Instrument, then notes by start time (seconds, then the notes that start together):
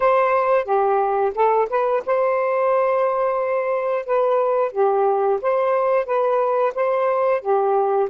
saxophone
0.00 C5
0.64 G4
1.34 A4
1.69 B4
2.06 C5
4.05 B4
4.72 G4
5.41 C5
6.05 B4
6.74 C5
7.41 G4